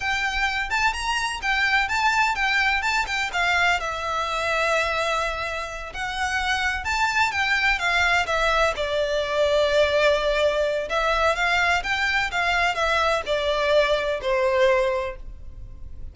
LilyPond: \new Staff \with { instrumentName = "violin" } { \time 4/4 \tempo 4 = 127 g''4. a''8 ais''4 g''4 | a''4 g''4 a''8 g''8 f''4 | e''1~ | e''8 fis''2 a''4 g''8~ |
g''8 f''4 e''4 d''4.~ | d''2. e''4 | f''4 g''4 f''4 e''4 | d''2 c''2 | }